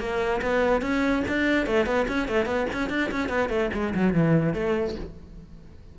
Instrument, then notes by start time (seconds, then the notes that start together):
cello
0.00 A#3
0.42 B3
0.82 C#4
1.28 D4
1.67 A3
1.86 B3
2.08 C#4
2.28 A3
2.46 B3
2.74 C#4
2.90 D4
3.11 C#4
3.29 B3
3.50 A3
3.74 G#3
3.95 F#3
4.14 E3
4.54 A3